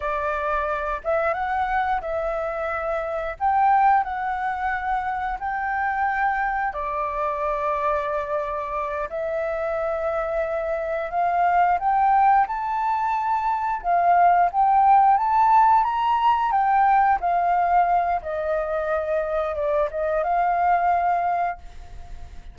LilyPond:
\new Staff \with { instrumentName = "flute" } { \time 4/4 \tempo 4 = 89 d''4. e''8 fis''4 e''4~ | e''4 g''4 fis''2 | g''2 d''2~ | d''4. e''2~ e''8~ |
e''8 f''4 g''4 a''4.~ | a''8 f''4 g''4 a''4 ais''8~ | ais''8 g''4 f''4. dis''4~ | dis''4 d''8 dis''8 f''2 | }